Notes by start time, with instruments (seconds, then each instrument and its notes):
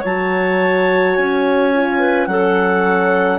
0.00 bassoon F#3, horn F#4, clarinet C#5 A5
1.16 bassoon C#4, clarinet G#5
1.74 horn F4
1.99 clarinet B4
2.26 bassoon F#3, horn C#4, clarinet A4 F#5